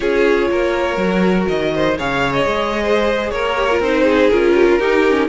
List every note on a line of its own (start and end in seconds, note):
0.00 0.50 C#4
0.00 0.96 F4
0.00 0.49 G#4
0.00 1.47 C#5
0.51 0.97 A#3
0.51 1.74 A#4
0.96 1.46 F#3
0.96 1.94 F#4
1.47 1.98 D#3
1.47 1.97 D#5
1.74 1.97 C5
1.97 2.46 C#3
1.97 3.56 G#4
1.97 2.82 C#5
1.97 2.33 F5
2.33 3.30 D#5
2.46 3.31 G#3
2.82 3.31 C5
3.30 3.79 A#3
3.30 4.03 A#4
3.30 3.79 C#5
3.56 3.69 G4
3.71 3.82 F4
3.79 4.28 C4
3.79 4.31 D#4
3.79 4.30 C5
4.03 4.52 G#4
4.30 4.79 C#4
4.30 4.79 F4
4.30 5.28 A#4
4.54 4.66 G4
4.69 4.79 F4
4.79 5.04 D#4
4.79 5.28 D#4
4.79 5.28 G4
5.09 5.28 C#4